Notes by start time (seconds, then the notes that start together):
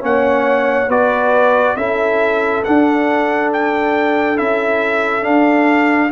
0.00 A#3 C#4 C#5 F#5
0.89 B3 F#4 B4 D5
1.76 C#4 E4 A4 E5
2.64 D4 F#5
3.53 G5
4.36 C#4 E4 E5
5.22 D4 F5